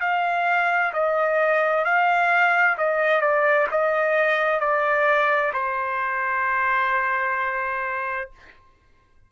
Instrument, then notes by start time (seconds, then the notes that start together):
trumpet
0.00 F5
0.93 D#5
1.84 F5
2.77 D#5
3.21 D5
3.71 D#5
4.60 D5
5.53 C5